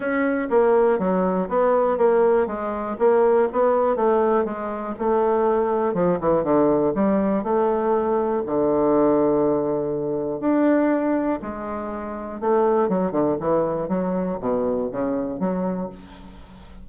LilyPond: \new Staff \with { instrumentName = "bassoon" } { \time 4/4 \tempo 4 = 121 cis'4 ais4 fis4 b4 | ais4 gis4 ais4 b4 | a4 gis4 a2 | f8 e8 d4 g4 a4~ |
a4 d2.~ | d4 d'2 gis4~ | gis4 a4 fis8 d8 e4 | fis4 b,4 cis4 fis4 | }